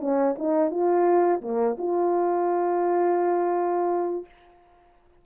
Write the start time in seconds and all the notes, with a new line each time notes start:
0.00 C#4
0.38 D#4
0.70 F4
1.41 A#3
1.78 F4